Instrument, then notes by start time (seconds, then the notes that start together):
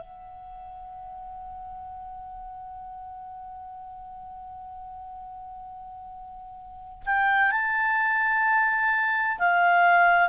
clarinet
0.00 F#5
7.06 G5
7.51 A5
9.39 F5